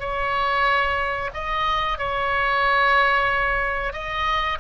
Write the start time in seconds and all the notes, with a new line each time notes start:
0.00 C#5
1.34 D#5
1.98 C#5
3.93 D#5